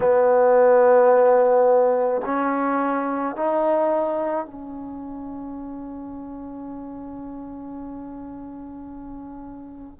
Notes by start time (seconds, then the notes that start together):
0.00 B3
2.25 C#4
3.35 D#4
4.45 C#4